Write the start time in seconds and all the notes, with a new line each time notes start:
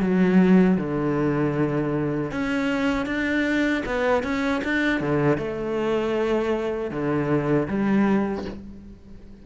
0.00 F#3
0.77 D3
2.31 C#4
3.06 D4
3.86 B3
4.23 C#4
4.64 D4
5.00 D3
5.38 A3
6.91 D3
7.68 G3